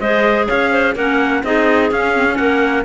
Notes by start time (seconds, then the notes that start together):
0.00 G#3 G#4 C5 D#5
0.48 C#4 C#5 F5
0.72 C5
0.95 A#3 C#4 A#4 F#5
1.43 C4 D#4 G#4 D#5
1.91 C#4 F5
2.15 C4
2.27 C#4
2.36 A#3 A#4 F#5